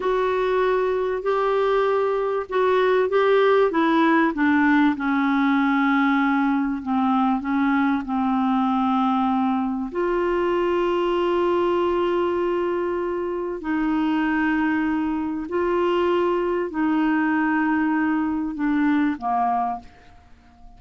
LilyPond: \new Staff \with { instrumentName = "clarinet" } { \time 4/4 \tempo 4 = 97 fis'2 g'2 | fis'4 g'4 e'4 d'4 | cis'2. c'4 | cis'4 c'2. |
f'1~ | f'2 dis'2~ | dis'4 f'2 dis'4~ | dis'2 d'4 ais4 | }